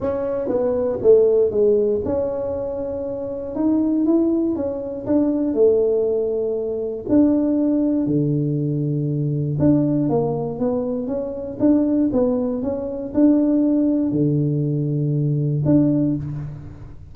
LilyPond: \new Staff \with { instrumentName = "tuba" } { \time 4/4 \tempo 4 = 119 cis'4 b4 a4 gis4 | cis'2. dis'4 | e'4 cis'4 d'4 a4~ | a2 d'2 |
d2. d'4 | ais4 b4 cis'4 d'4 | b4 cis'4 d'2 | d2. d'4 | }